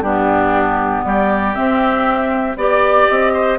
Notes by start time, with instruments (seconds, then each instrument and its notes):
0.00 bassoon G2, clarinet B3, oboe D4, flute G4
1.04 bassoon G3, oboe G4, flute D5
1.54 clarinet C4, bassoon C4, flute E5
2.56 bassoon B3, clarinet G4, oboe D5, flute D5
3.07 bassoon C4, flute D#5
3.33 oboe C5